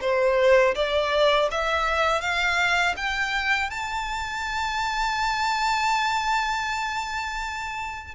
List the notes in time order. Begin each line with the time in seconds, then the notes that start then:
0.00 C5
0.74 D5
1.51 E5
2.21 F5
2.96 G5
3.70 A5